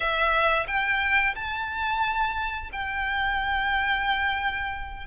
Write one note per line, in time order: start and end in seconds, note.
0.00 0.66 E5
0.67 1.34 G5
1.35 2.70 A5
2.72 5.06 G5